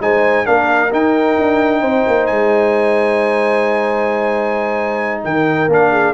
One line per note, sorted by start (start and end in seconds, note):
0.00 0.45 G#3
0.00 0.45 D#4
0.00 0.45 C5
0.00 0.45 G#5
0.45 0.92 A#3
0.45 0.90 D4
0.45 1.80 A#4
0.45 0.91 F5
0.91 5.68 D#4
0.91 1.37 D#4
0.91 2.26 G5
1.38 1.82 D4
1.80 2.04 C4
1.80 5.21 C5
2.07 2.30 A#3
2.26 5.24 G#3
2.26 5.21 G#5
5.24 5.68 D#3
5.24 5.91 A#4
5.24 5.70 G5
5.68 6.13 A#3
5.68 6.13 D4
5.68 6.13 F5
5.91 6.13 G#4